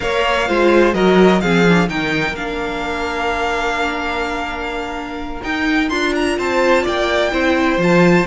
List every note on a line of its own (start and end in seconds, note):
0.00 0.49 A#3
0.00 0.46 A#4
0.00 0.48 C#5
0.00 0.93 F5
0.48 0.94 G#3
0.48 0.94 F4
0.48 0.94 C5
0.93 1.41 F#3
0.93 1.41 F#4
0.93 1.41 A#4
0.93 1.40 D#5
1.40 1.89 F3
1.40 1.67 C4
1.40 1.89 G#4
1.40 1.88 F5
1.67 1.88 D4
1.88 2.33 D#3
1.88 2.35 D#4
1.88 6.37 A#4
1.88 2.35 G5
2.33 5.40 A#3
2.33 5.42 D4
2.33 5.42 F5
5.42 5.89 D#4
5.42 5.90 D#4
5.42 5.89 G5
5.89 6.38 D4
5.89 7.31 F4
5.89 6.12 C6
6.15 6.38 A#5
6.38 6.85 C4
6.38 6.82 C5
6.38 6.86 A5
6.82 7.32 A#3
6.82 7.30 D5
6.82 7.81 G5
7.31 7.77 C4
7.31 7.78 E4
7.31 8.26 C5
7.77 8.24 F3
7.77 8.26 F4
7.77 8.26 A5